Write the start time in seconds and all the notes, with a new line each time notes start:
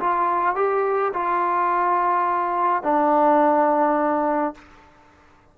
0.00 F4
0.56 G4
1.14 F4
2.83 D4